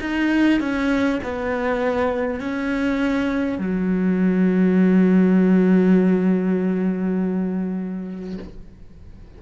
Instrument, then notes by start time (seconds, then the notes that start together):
cello
0.00 D#4
0.60 C#4
1.23 B3
2.39 C#4
3.58 F#3